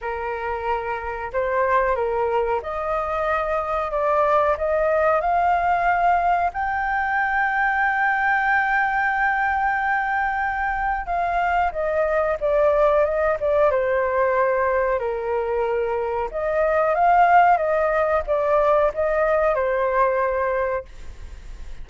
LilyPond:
\new Staff \with { instrumentName = "flute" } { \time 4/4 \tempo 4 = 92 ais'2 c''4 ais'4 | dis''2 d''4 dis''4 | f''2 g''2~ | g''1~ |
g''4 f''4 dis''4 d''4 | dis''8 d''8 c''2 ais'4~ | ais'4 dis''4 f''4 dis''4 | d''4 dis''4 c''2 | }